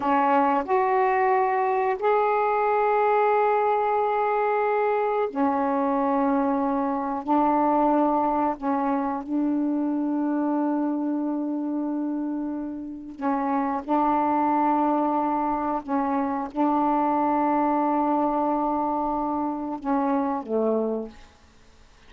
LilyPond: \new Staff \with { instrumentName = "saxophone" } { \time 4/4 \tempo 4 = 91 cis'4 fis'2 gis'4~ | gis'1 | cis'2. d'4~ | d'4 cis'4 d'2~ |
d'1 | cis'4 d'2. | cis'4 d'2.~ | d'2 cis'4 a4 | }